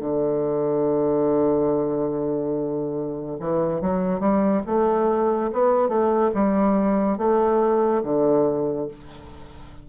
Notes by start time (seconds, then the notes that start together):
0.00 D3
3.40 E3
3.81 F#3
4.20 G3
4.66 A3
5.52 B3
5.88 A3
6.34 G3
7.18 A3
8.03 D3